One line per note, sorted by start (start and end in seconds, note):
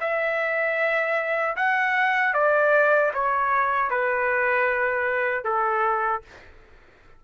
0.00 1.56 E5
1.57 2.34 F#5
2.34 3.12 D5
3.14 3.90 C#5
3.90 5.44 B4
5.44 6.22 A4